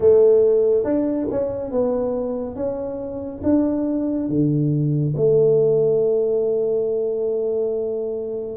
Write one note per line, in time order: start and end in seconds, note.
0.00 0.84 A3
0.84 1.27 D4
1.31 1.71 C#4
1.71 2.55 B3
2.55 3.41 C#4
3.43 4.28 D4
4.28 5.14 D3
5.16 8.56 A3